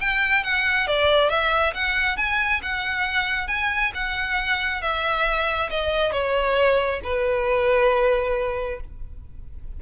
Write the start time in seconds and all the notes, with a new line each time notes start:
0.00 G5
0.43 F#5
0.87 D5
1.29 E5
1.74 F#5
2.16 G#5
2.62 F#5
3.48 G#5
3.94 F#5
4.81 E5
5.70 D#5
6.12 C#5
7.03 B4